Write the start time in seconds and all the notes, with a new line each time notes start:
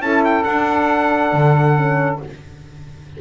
0.00 C#4 E4 A4 A5
0.24 G5
0.43 D4 F#5
1.32 D3
1.76 C#4